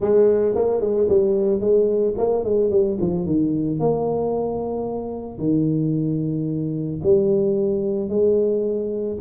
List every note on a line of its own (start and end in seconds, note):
0.00 0.55 G#3
0.55 0.80 A#3
0.80 1.07 G#3
1.09 1.60 G3
1.60 2.14 G#3
2.17 2.43 A#3
2.43 2.70 G#3
2.70 2.97 G3
3.00 3.26 F3
3.26 3.79 D#3
3.79 5.38 A#3
5.38 7.00 D#3
7.03 8.09 G3
8.09 9.17 G#3